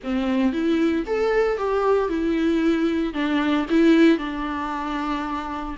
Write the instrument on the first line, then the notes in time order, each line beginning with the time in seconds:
viola
0.03 C4
0.53 E4
1.06 A4
1.57 G4
2.08 E4
3.13 D4
3.70 E4
4.18 D4